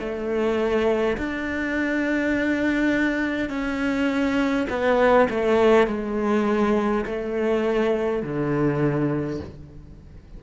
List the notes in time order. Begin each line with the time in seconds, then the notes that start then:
0.00 A3
1.18 D4
3.50 C#4
4.70 B3
5.30 A3
5.88 G#3
7.06 A3
8.23 D3